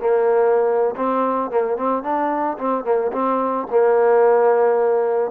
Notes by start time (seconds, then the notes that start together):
0.00 A#3
0.96 C4
1.51 A#3
1.77 C4
2.03 D4
2.58 C4
2.84 A#3
3.13 C4
3.71 A#3